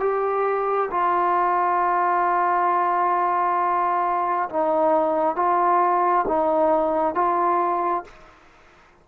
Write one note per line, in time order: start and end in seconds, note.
0.00 0.90 G4
0.91 4.49 F4
4.49 5.36 D#4
5.36 6.26 F4
6.28 7.15 D#4
7.15 8.04 F4